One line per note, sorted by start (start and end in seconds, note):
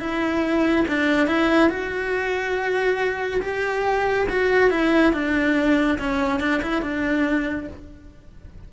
0.00 0.86 E4
0.88 1.27 D4
1.27 1.69 E4
1.69 3.41 F#4
3.42 4.27 G4
4.29 4.71 F#4
4.71 5.13 E4
5.13 5.99 D4
5.99 6.40 C#4
6.40 6.62 D4
6.62 6.82 E4
6.82 7.68 D4